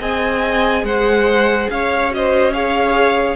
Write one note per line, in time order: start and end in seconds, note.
0.00 0.84 C4
0.00 2.11 G#4
0.00 0.85 D#5
0.00 0.85 G#5
0.84 1.68 G#3
0.84 1.71 C5
0.84 1.70 F#5
1.70 3.36 C#4
1.70 2.16 C#5
1.70 2.13 F5
2.11 2.53 F#4
2.11 2.54 D#5
2.17 2.53 C5
2.53 3.36 G#4
2.53 3.36 C#5
2.53 3.36 F5